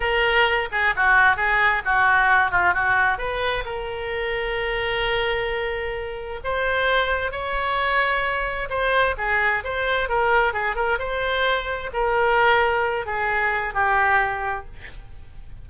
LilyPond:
\new Staff \with { instrumentName = "oboe" } { \time 4/4 \tempo 4 = 131 ais'4. gis'8 fis'4 gis'4 | fis'4. f'8 fis'4 b'4 | ais'1~ | ais'2 c''2 |
cis''2. c''4 | gis'4 c''4 ais'4 gis'8 ais'8 | c''2 ais'2~ | ais'8 gis'4. g'2 | }